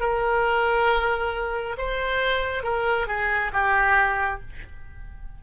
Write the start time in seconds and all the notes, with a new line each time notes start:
0.00 A#4
1.78 C5
2.63 A#4
3.08 G#4
3.53 G4